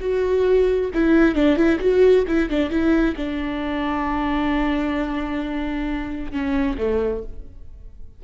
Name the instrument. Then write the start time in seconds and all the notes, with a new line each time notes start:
viola
0.00 F#4
0.94 E4
1.35 D4
1.56 E4
1.79 F#4
2.27 E4
2.49 D4
2.70 E4
3.16 D4
6.32 C#4
6.78 A3